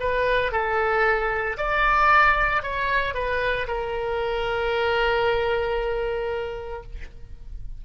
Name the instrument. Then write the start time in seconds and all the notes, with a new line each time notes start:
oboe
0.00 B4
0.52 A4
1.57 D5
2.63 C#5
3.14 B4
3.67 A#4